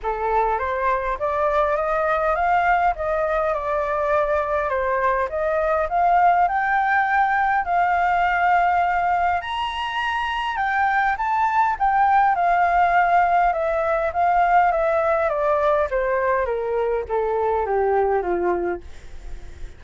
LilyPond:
\new Staff \with { instrumentName = "flute" } { \time 4/4 \tempo 4 = 102 a'4 c''4 d''4 dis''4 | f''4 dis''4 d''2 | c''4 dis''4 f''4 g''4~ | g''4 f''2. |
ais''2 g''4 a''4 | g''4 f''2 e''4 | f''4 e''4 d''4 c''4 | ais'4 a'4 g'4 f'4 | }